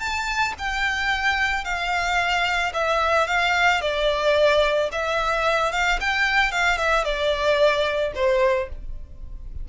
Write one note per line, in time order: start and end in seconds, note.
0.00 0.54 A5
0.59 1.65 G5
1.65 2.73 F5
2.74 3.28 E5
3.28 3.82 F5
3.82 4.90 D5
4.93 5.72 E5
5.72 6.00 F5
6.01 6.52 G5
6.52 6.78 F5
6.78 7.05 E5
7.05 8.13 D5
8.15 8.69 C5